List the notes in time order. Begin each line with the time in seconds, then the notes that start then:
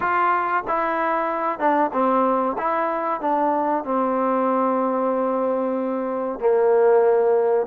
0.00 F4
0.67 E4
1.59 D4
1.92 C4
2.57 E4
3.20 D4
3.84 C4
6.39 A#3